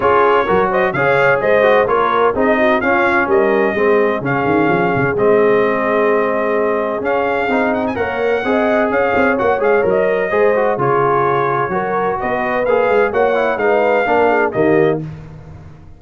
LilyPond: <<
  \new Staff \with { instrumentName = "trumpet" } { \time 4/4 \tempo 4 = 128 cis''4. dis''8 f''4 dis''4 | cis''4 dis''4 f''4 dis''4~ | dis''4 f''2 dis''4~ | dis''2. f''4~ |
f''8 fis''16 gis''16 fis''2 f''4 | fis''8 f''8 dis''2 cis''4~ | cis''2 dis''4 f''4 | fis''4 f''2 dis''4 | }
  \new Staff \with { instrumentName = "horn" } { \time 4/4 gis'4 ais'8 c''8 cis''4 c''4 | ais'4 gis'8 fis'8 f'4 ais'4 | gis'1~ | gis'1~ |
gis'4 cis''4 dis''4 cis''4~ | cis''2 c''4 gis'4~ | gis'4 ais'4 b'2 | cis''4 b'4 ais'8 gis'8 g'4 | }
  \new Staff \with { instrumentName = "trombone" } { \time 4/4 f'4 fis'4 gis'4. fis'8 | f'4 dis'4 cis'2 | c'4 cis'2 c'4~ | c'2. cis'4 |
dis'4 ais'4 gis'2 | fis'8 gis'8 ais'4 gis'8 fis'8 f'4~ | f'4 fis'2 gis'4 | fis'8 e'8 dis'4 d'4 ais4 | }
  \new Staff \with { instrumentName = "tuba" } { \time 4/4 cis'4 fis4 cis4 gis4 | ais4 c'4 cis'4 g4 | gis4 cis8 dis8 f8 cis8 gis4~ | gis2. cis'4 |
c'4 ais4 c'4 cis'8 c'8 | ais8 gis8 fis4 gis4 cis4~ | cis4 fis4 b4 ais8 gis8 | ais4 gis4 ais4 dis4 | }
>>